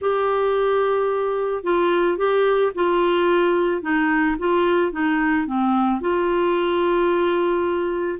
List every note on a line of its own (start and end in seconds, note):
0.01 1.63 G4
1.63 2.17 F4
2.17 2.71 G4
2.74 3.82 F4
3.82 4.36 D#4
4.38 4.92 F4
4.92 5.46 D#4
5.46 6.00 C4
6.00 8.19 F4